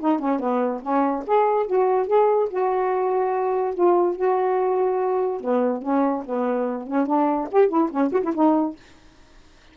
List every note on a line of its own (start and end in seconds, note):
0.00 0.19 D#4
0.19 0.39 C#4
0.39 0.81 B3
0.82 1.23 C#4
1.26 1.66 G#4
1.66 2.07 F#4
2.07 2.48 G#4
2.50 3.74 F#4
3.74 4.15 F4
4.15 5.40 F#4
5.40 5.82 B3
5.82 6.24 C#4
6.25 6.87 B3
6.87 7.06 C#4
7.06 7.48 D4
7.51 7.68 G4
7.68 7.89 E4
7.91 8.12 C#4
8.12 8.22 F#4
8.23 8.33 E4
8.34 8.76 D#4